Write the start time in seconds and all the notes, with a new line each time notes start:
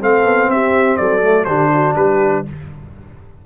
0.00 A3 C4 A4 F5
0.24 B3
0.48 C4 G4 E5
0.97 F#3 A4 D5
1.21 A3
1.45 D3 D4 G4 C5
1.73 F#4
1.96 G3 G4 B4